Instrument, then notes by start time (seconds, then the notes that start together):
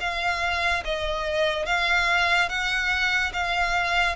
violin
0.00 F5
0.84 D#5
1.65 F5
2.48 F#5
3.33 F5